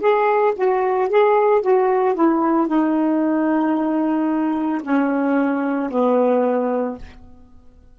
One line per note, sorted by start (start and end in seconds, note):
0.00 0.54 G#4
0.56 1.09 F#4
1.09 1.61 G#4
1.61 2.15 F#4
2.15 2.67 E4
2.67 4.82 D#4
4.83 5.90 C#4
5.90 6.97 B3